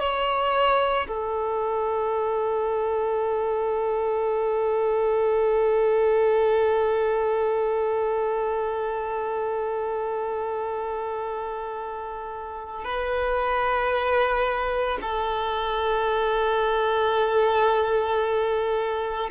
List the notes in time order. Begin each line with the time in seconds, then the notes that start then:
0.00 C#5
1.07 A4
12.84 B4
15.01 A4